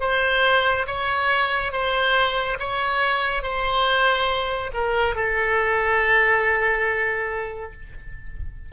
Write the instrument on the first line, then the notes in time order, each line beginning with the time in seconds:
oboe
0.00 C5
0.86 C#5
1.72 C5
2.59 C#5
3.42 C5
4.73 A#4
5.15 A4